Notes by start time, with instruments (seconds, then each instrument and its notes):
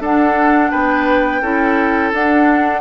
0.00 bassoon D4, clarinet D4, oboe A4, flute F#5
0.70 bassoon B3, oboe B4, flute G5
1.41 bassoon C#4, clarinet E4, oboe A4
2.12 bassoon D4, clarinet D4, flute F#5